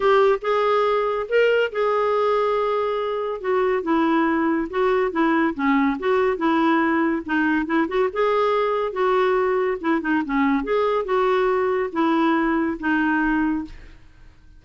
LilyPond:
\new Staff \with { instrumentName = "clarinet" } { \time 4/4 \tempo 4 = 141 g'4 gis'2 ais'4 | gis'1 | fis'4 e'2 fis'4 | e'4 cis'4 fis'4 e'4~ |
e'4 dis'4 e'8 fis'8 gis'4~ | gis'4 fis'2 e'8 dis'8 | cis'4 gis'4 fis'2 | e'2 dis'2 | }